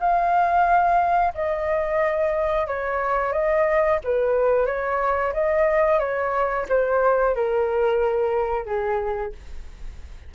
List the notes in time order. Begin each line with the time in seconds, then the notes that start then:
0.00 F5
1.34 D#5
2.67 C#5
3.32 D#5
4.04 B4
4.66 C#5
5.33 D#5
5.99 C#5
6.69 C5
7.35 A#4
8.65 G#4